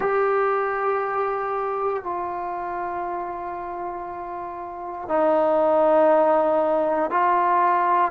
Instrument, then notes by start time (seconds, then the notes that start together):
trombone
0.00 G4
2.03 F4
5.08 D#4
7.10 F4